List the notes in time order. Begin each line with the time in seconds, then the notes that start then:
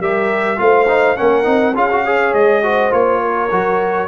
0.00 G3 G4 A#4 E5
0.57 A3 F4 C5 F5
0.88 D#4
1.17 A#3 C#4 A#4 F#5
1.44 C4 D#4
1.75 C#4 F4 G#4 F5
1.92 F#4
2.05 G#4 C#5
2.34 G#3 D#5
2.63 F#4 C5
2.91 A#3 F4 C#5
3.21 A#4
3.51 F#3 F#4